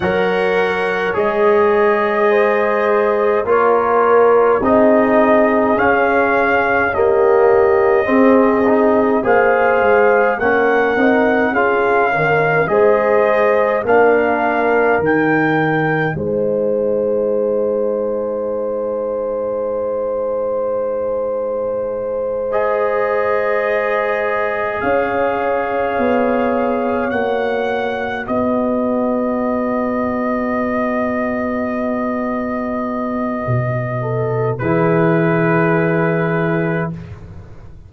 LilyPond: <<
  \new Staff \with { instrumentName = "trumpet" } { \time 4/4 \tempo 4 = 52 fis''4 dis''2 cis''4 | dis''4 f''4 dis''2 | f''4 fis''4 f''4 dis''4 | f''4 g''4 gis''2~ |
gis''2.~ gis''8 dis''8~ | dis''4. f''2 fis''8~ | fis''8 dis''2.~ dis''8~ | dis''2 b'2 | }
  \new Staff \with { instrumentName = "horn" } { \time 4/4 cis''2 c''4 ais'4 | gis'2 g'4 gis'4 | c''4 ais'4 gis'8 ais'8 c''4 | ais'2 c''2~ |
c''1~ | c''4. cis''2~ cis''8~ | cis''8 b'2.~ b'8~ | b'4. a'8 gis'2 | }
  \new Staff \with { instrumentName = "trombone" } { \time 4/4 ais'4 gis'2 f'4 | dis'4 cis'4 ais4 c'8 dis'8 | gis'4 cis'8 dis'8 f'8 dis8 gis'4 | d'4 dis'2.~ |
dis'2.~ dis'8 gis'8~ | gis'2.~ gis'8 fis'8~ | fis'1~ | fis'2 e'2 | }
  \new Staff \with { instrumentName = "tuba" } { \time 4/4 fis4 gis2 ais4 | c'4 cis'2 c'4 | ais8 gis8 ais8 c'8 cis'4 gis4 | ais4 dis4 gis2~ |
gis1~ | gis4. cis'4 b4 ais8~ | ais8 b2.~ b8~ | b4 b,4 e2 | }
>>